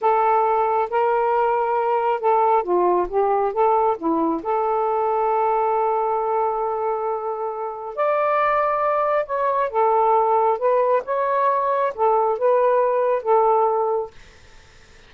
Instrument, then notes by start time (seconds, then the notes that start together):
saxophone
0.01 A4
0.89 A#4
2.20 A4
2.63 F4
3.08 G4
3.52 A4
3.97 E4
4.42 A4
7.95 D5
9.25 C#5
9.70 A4
10.58 B4
11.04 C#5
11.95 A4
12.38 B4
13.22 A4